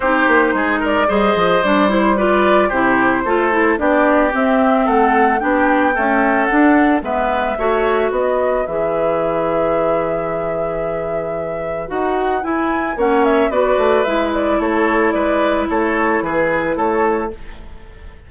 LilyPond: <<
  \new Staff \with { instrumentName = "flute" } { \time 4/4 \tempo 4 = 111 c''4. d''8 dis''4 d''8 c''8 | d''4 c''2 d''4 | e''4 fis''4 g''2 | fis''4 e''2 dis''4 |
e''1~ | e''2 fis''4 gis''4 | fis''8 e''8 d''4 e''8 d''8 cis''4 | d''4 cis''4 b'4 cis''4 | }
  \new Staff \with { instrumentName = "oboe" } { \time 4/4 g'4 gis'8 ais'8 c''2 | b'4 g'4 a'4 g'4~ | g'4 a'4 g'4 a'4~ | a'4 b'4 cis''4 b'4~ |
b'1~ | b'1 | cis''4 b'2 a'4 | b'4 a'4 gis'4 a'4 | }
  \new Staff \with { instrumentName = "clarinet" } { \time 4/4 dis'2 gis'4 d'8 e'8 | f'4 e'4 f'8 e'8 d'4 | c'2 d'4 a4 | d'4 b4 fis'2 |
gis'1~ | gis'2 fis'4 e'4 | cis'4 fis'4 e'2~ | e'1 | }
  \new Staff \with { instrumentName = "bassoon" } { \time 4/4 c'8 ais8 gis4 g8 f8 g4~ | g4 c4 a4 b4 | c'4 a4 b4 cis'4 | d'4 gis4 a4 b4 |
e1~ | e2 dis'4 e'4 | ais4 b8 a8 gis4 a4 | gis4 a4 e4 a4 | }
>>